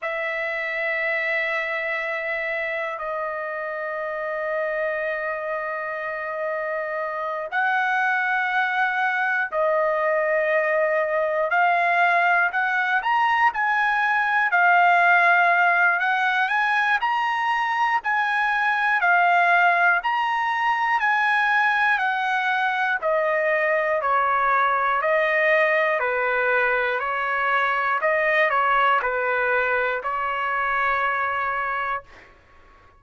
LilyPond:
\new Staff \with { instrumentName = "trumpet" } { \time 4/4 \tempo 4 = 60 e''2. dis''4~ | dis''2.~ dis''8 fis''8~ | fis''4. dis''2 f''8~ | f''8 fis''8 ais''8 gis''4 f''4. |
fis''8 gis''8 ais''4 gis''4 f''4 | ais''4 gis''4 fis''4 dis''4 | cis''4 dis''4 b'4 cis''4 | dis''8 cis''8 b'4 cis''2 | }